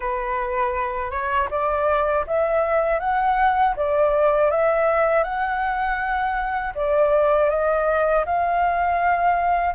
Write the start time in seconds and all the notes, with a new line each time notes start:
0.00 B4
1.10 C#5
1.50 D5
2.26 E5
2.99 F#5
3.76 D5
4.50 E5
5.23 F#5
6.74 D5
7.49 D#5
8.25 F5